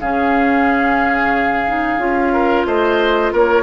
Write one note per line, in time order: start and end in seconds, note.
0.00 1.98 C#3
0.00 1.67 C#4
0.00 2.33 G#4
0.00 2.66 F5
1.67 1.99 D#4
1.98 2.64 C#4
1.98 3.63 F4
2.33 2.66 A#4
2.65 3.32 A3
2.65 3.33 C5
2.65 3.32 D#5
3.33 3.63 A#3
3.33 3.63 A#4
3.33 3.63 C#5